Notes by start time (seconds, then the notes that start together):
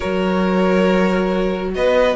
0.00 F#3 F#4 A#4 C#5
1.74 B3 B4 D#5